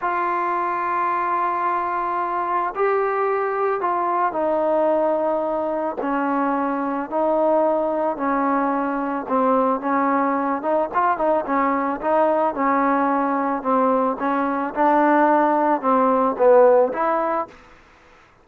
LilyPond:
\new Staff \with { instrumentName = "trombone" } { \time 4/4 \tempo 4 = 110 f'1~ | f'4 g'2 f'4 | dis'2. cis'4~ | cis'4 dis'2 cis'4~ |
cis'4 c'4 cis'4. dis'8 | f'8 dis'8 cis'4 dis'4 cis'4~ | cis'4 c'4 cis'4 d'4~ | d'4 c'4 b4 e'4 | }